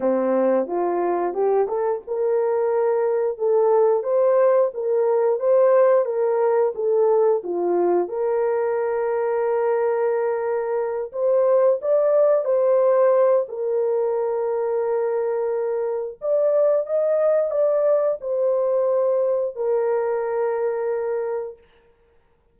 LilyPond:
\new Staff \with { instrumentName = "horn" } { \time 4/4 \tempo 4 = 89 c'4 f'4 g'8 a'8 ais'4~ | ais'4 a'4 c''4 ais'4 | c''4 ais'4 a'4 f'4 | ais'1~ |
ais'8 c''4 d''4 c''4. | ais'1 | d''4 dis''4 d''4 c''4~ | c''4 ais'2. | }